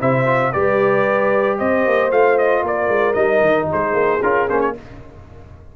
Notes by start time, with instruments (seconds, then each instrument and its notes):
0.00 tuba C3, trombone E4, horn C5, trumpet E5
0.26 trombone F4
0.53 tuba G3, trombone G4, horn B4, trumpet D5
1.58 tuba C4, horn C5, trumpet D#5
1.86 tuba A#3
2.11 tuba A3, trombone F4, trumpet F5
2.38 trumpet D#5
2.63 tuba A#3, horn A#4, trumpet D5
2.88 tuba G#3
3.13 tuba G3, trombone D#4, trumpet D#5
3.41 tuba D#3
3.70 tuba G#3, horn G#4, trumpet C5
3.93 tuba A#3
4.22 tuba C#4, trombone F4, trumpet A#4
4.48 tuba A#3, trombone C#4, trumpet C5
4.61 trumpet C#5